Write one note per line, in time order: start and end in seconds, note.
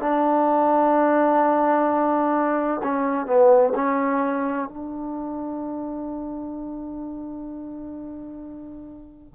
0.00 2.81 D4
2.83 3.26 C#4
3.26 3.73 B3
3.75 4.68 C#4
4.68 9.35 D4